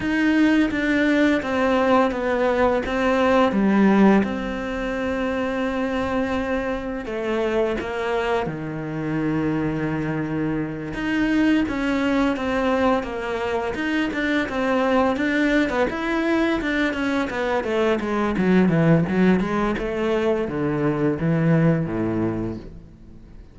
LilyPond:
\new Staff \with { instrumentName = "cello" } { \time 4/4 \tempo 4 = 85 dis'4 d'4 c'4 b4 | c'4 g4 c'2~ | c'2 a4 ais4 | dis2.~ dis8 dis'8~ |
dis'8 cis'4 c'4 ais4 dis'8 | d'8 c'4 d'8. b16 e'4 d'8 | cis'8 b8 a8 gis8 fis8 e8 fis8 gis8 | a4 d4 e4 a,4 | }